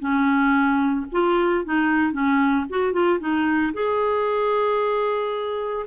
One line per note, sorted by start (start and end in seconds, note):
0.00 1.06 C#4
1.12 1.65 F4
1.65 2.13 D#4
2.13 2.66 C#4
2.70 2.93 F#4
2.93 3.20 F4
3.20 3.73 D#4
3.74 5.86 G#4